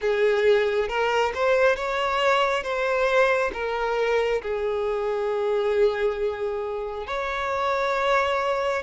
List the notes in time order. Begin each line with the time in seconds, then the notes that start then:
0.01 G#4
0.88 A#4
1.34 C5
1.76 C#5
2.63 C5
3.53 A#4
4.42 G#4
7.06 C#5